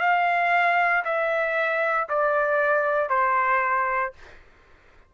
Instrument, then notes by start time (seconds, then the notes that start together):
trumpet
0.00 F5
1.04 E5
2.09 D5
3.09 C5